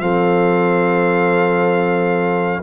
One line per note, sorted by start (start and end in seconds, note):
0.00 2.62 F3
0.00 2.63 C4
0.00 2.63 A4
0.00 2.63 F5